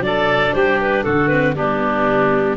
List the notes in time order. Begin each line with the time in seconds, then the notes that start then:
0.00 F#3 D4 A4 D5
0.53 G3 G4 C5
0.81 B4
1.03 D3 F#4 A4
1.28 C4 B4
1.54 G3 B3 D4 G4